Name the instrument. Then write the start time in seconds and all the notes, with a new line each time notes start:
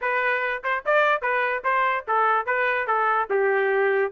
trumpet
0.01 B4
0.63 C5
0.85 D5
1.21 B4
1.63 C5
2.07 A4
2.46 B4
2.87 A4
3.30 G4